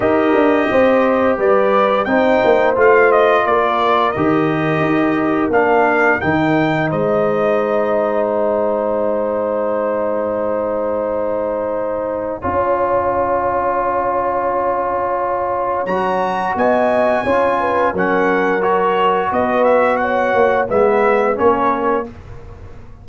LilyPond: <<
  \new Staff \with { instrumentName = "trumpet" } { \time 4/4 \tempo 4 = 87 dis''2 d''4 g''4 | f''8 dis''8 d''4 dis''2 | f''4 g''4 dis''2 | gis''1~ |
gis''1~ | gis''2. ais''4 | gis''2 fis''4 cis''4 | dis''8 e''8 fis''4 e''4 cis''4 | }
  \new Staff \with { instrumentName = "horn" } { \time 4/4 ais'4 c''4 b'4 c''4~ | c''4 ais'2.~ | ais'2 c''2~ | c''1~ |
c''2 cis''2~ | cis''1 | dis''4 cis''8 b'8 ais'2 | b'4 cis''4 b'4 ais'4 | }
  \new Staff \with { instrumentName = "trombone" } { \time 4/4 g'2. dis'4 | f'2 g'2 | d'4 dis'2.~ | dis'1~ |
dis'2 f'2~ | f'2. fis'4~ | fis'4 f'4 cis'4 fis'4~ | fis'2 b4 cis'4 | }
  \new Staff \with { instrumentName = "tuba" } { \time 4/4 dis'8 d'8 c'4 g4 c'8 ais8 | a4 ais4 dis4 dis'4 | ais4 dis4 gis2~ | gis1~ |
gis2 cis'2~ | cis'2. fis4 | b4 cis'4 fis2 | b4. ais8 gis4 ais4 | }
>>